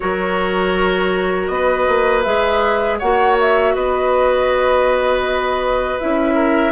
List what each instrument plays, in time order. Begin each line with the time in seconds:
0.00 bassoon F#3, clarinet F#4, oboe A#4, flute C#5
1.47 bassoon B3, oboe B4, flute D#5
1.88 bassoon A#3
2.23 bassoon G#3, clarinet G#4, flute E5
2.99 bassoon A#3, clarinet F#4, oboe C#5, flute F#5
3.40 flute E5
3.75 bassoon B3, oboe B4, flute D#5
5.99 bassoon C#4, clarinet E4, flute E5
6.34 oboe A#4